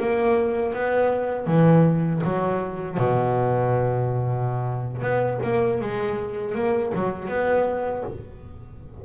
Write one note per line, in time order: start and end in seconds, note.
0.00 0.74 A#3
0.74 1.47 B3
1.47 2.22 E3
2.24 2.98 F#3
2.98 5.02 B2
5.02 5.40 B3
5.43 5.81 A#3
5.81 6.55 G#3
6.55 6.92 A#3
6.95 7.29 F#3
7.29 8.04 B3